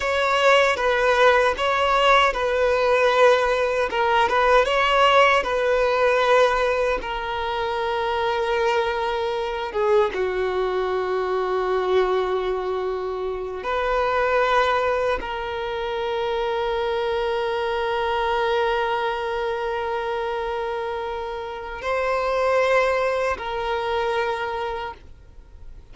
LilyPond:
\new Staff \with { instrumentName = "violin" } { \time 4/4 \tempo 4 = 77 cis''4 b'4 cis''4 b'4~ | b'4 ais'8 b'8 cis''4 b'4~ | b'4 ais'2.~ | ais'8 gis'8 fis'2.~ |
fis'4. b'2 ais'8~ | ais'1~ | ais'1 | c''2 ais'2 | }